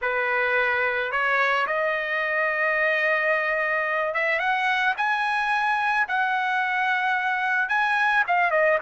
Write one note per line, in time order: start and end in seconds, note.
0.01 1.11 B4
1.11 1.66 C#5
1.67 4.14 D#5
4.14 4.39 E5
4.39 4.94 F#5
4.97 6.07 G#5
6.08 7.69 F#5
7.69 8.24 G#5
8.27 8.50 F5
8.50 8.78 D#5